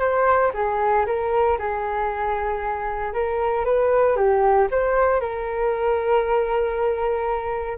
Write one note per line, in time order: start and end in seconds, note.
0.00 0.52 C5
0.54 1.06 G#4
1.06 1.58 A#4
1.58 3.14 G#4
3.14 3.65 A#4
3.65 4.16 B4
4.16 4.68 G4
4.71 5.21 C5
5.21 7.78 A#4